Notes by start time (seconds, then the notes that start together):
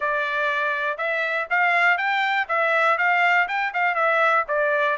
0.00 D5
0.97 E5
1.50 F5
1.97 G5
2.48 E5
2.98 F5
3.48 G5
3.73 F5
3.94 E5
4.48 D5